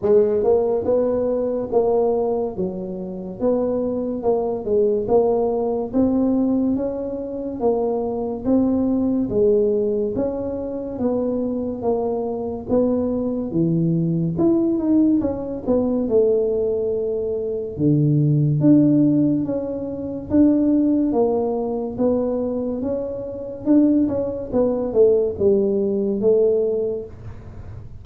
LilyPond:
\new Staff \with { instrumentName = "tuba" } { \time 4/4 \tempo 4 = 71 gis8 ais8 b4 ais4 fis4 | b4 ais8 gis8 ais4 c'4 | cis'4 ais4 c'4 gis4 | cis'4 b4 ais4 b4 |
e4 e'8 dis'8 cis'8 b8 a4~ | a4 d4 d'4 cis'4 | d'4 ais4 b4 cis'4 | d'8 cis'8 b8 a8 g4 a4 | }